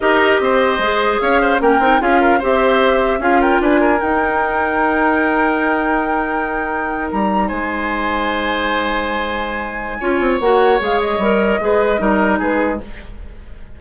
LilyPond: <<
  \new Staff \with { instrumentName = "flute" } { \time 4/4 \tempo 4 = 150 dis''2. f''4 | g''4 f''4 e''2 | f''8 g''8 gis''4 g''2~ | g''1~ |
g''4.~ g''16 ais''4 gis''4~ gis''16~ | gis''1~ | gis''2 fis''4 f''8 dis''8~ | dis''2. b'4 | }
  \new Staff \with { instrumentName = "oboe" } { \time 4/4 ais'4 c''2 cis''8 c''8 | ais'4 gis'8 ais'8 c''2 | gis'8 ais'8 b'8 ais'2~ ais'8~ | ais'1~ |
ais'2~ ais'8. c''4~ c''16~ | c''1~ | c''4 cis''2.~ | cis''4 b'4 ais'4 gis'4 | }
  \new Staff \with { instrumentName = "clarinet" } { \time 4/4 g'2 gis'2 | cis'8 dis'8 f'4 g'2 | f'2 dis'2~ | dis'1~ |
dis'1~ | dis'1~ | dis'4 f'4 fis'4 gis'4 | ais'4 gis'4 dis'2 | }
  \new Staff \with { instrumentName = "bassoon" } { \time 4/4 dis'4 c'4 gis4 cis'4 | ais8 c'8 cis'4 c'2 | cis'4 d'4 dis'2~ | dis'1~ |
dis'4.~ dis'16 g4 gis4~ gis16~ | gis1~ | gis4 cis'8 c'8 ais4 gis4 | g4 gis4 g4 gis4 | }
>>